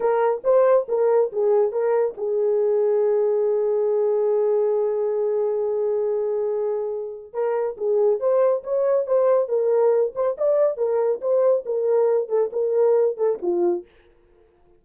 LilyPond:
\new Staff \with { instrumentName = "horn" } { \time 4/4 \tempo 4 = 139 ais'4 c''4 ais'4 gis'4 | ais'4 gis'2.~ | gis'1~ | gis'1~ |
gis'4 ais'4 gis'4 c''4 | cis''4 c''4 ais'4. c''8 | d''4 ais'4 c''4 ais'4~ | ais'8 a'8 ais'4. a'8 f'4 | }